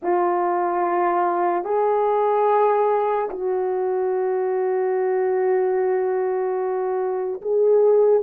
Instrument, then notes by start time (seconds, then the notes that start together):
horn
0.02 F4
1.64 G#4
3.30 F#4
7.41 G#4